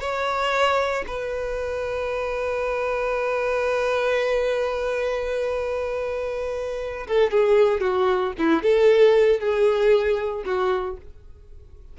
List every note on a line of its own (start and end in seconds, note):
0.00 1.04 C#5
1.07 7.07 B4
7.07 7.31 A4
7.31 7.80 G#4
7.80 8.33 F#4
8.38 8.63 E4
8.63 9.40 A4
9.40 10.44 G#4
10.45 10.97 F#4